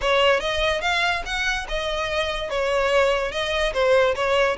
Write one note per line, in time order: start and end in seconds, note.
0.01 0.40 C#5
0.40 0.81 D#5
0.81 1.22 F5
1.25 1.67 F#5
1.68 2.50 D#5
2.50 3.31 C#5
3.31 3.72 D#5
3.73 4.14 C5
4.15 4.56 C#5